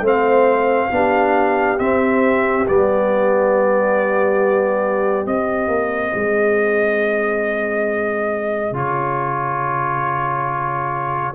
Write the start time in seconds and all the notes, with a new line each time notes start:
0.00 A3 C4 C5
0.07 F5
0.91 B3 D4 G4
1.78 C4 E5
2.66 G3 B3 D5
5.25 C4 D#5
5.67 A#3
6.14 G#3 G#4
8.71 C#3 F4 C#5